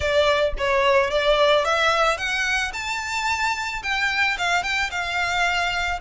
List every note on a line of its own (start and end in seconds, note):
0.00 0.53 D5
0.58 1.10 C#5
1.10 1.64 D5
1.64 2.17 E5
2.17 2.71 F#5
2.73 3.82 A5
3.82 4.37 G5
4.38 4.63 F5
4.63 4.90 G5
4.90 6.00 F5